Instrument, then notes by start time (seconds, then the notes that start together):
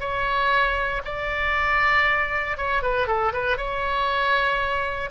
oboe
0.00 C#5
1.05 D5
2.57 C#5
2.82 B4
3.07 A4
3.33 B4
3.57 C#5